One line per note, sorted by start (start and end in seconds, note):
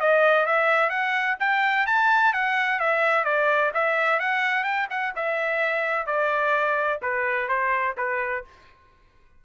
0.00 0.46 D#5
0.46 0.89 E5
0.89 1.36 F#5
1.40 1.86 G5
1.86 2.33 A5
2.33 2.80 F#5
2.80 3.25 E5
3.25 3.71 D5
3.74 4.20 E5
4.20 4.64 F#5
4.64 4.87 G5
4.90 5.14 F#5
5.16 6.06 E5
6.06 7.00 D5
7.02 7.49 B4
7.49 7.95 C5
7.98 8.44 B4